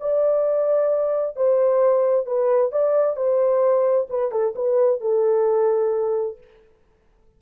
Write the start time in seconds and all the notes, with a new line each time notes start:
0.00 D5
1.36 C5
2.26 B4
2.72 D5
3.16 C5
4.10 B4
4.31 A4
4.56 B4
5.00 A4